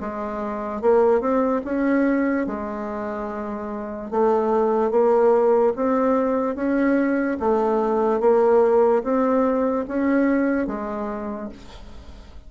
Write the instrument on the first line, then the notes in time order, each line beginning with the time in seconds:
bassoon
0.00 G#3
0.81 A#3
1.20 C4
1.64 C#4
2.46 G#3
4.10 A3
4.91 A#3
5.76 C4
6.55 C#4
7.40 A3
8.20 A#3
9.03 C4
9.87 C#4
10.67 G#3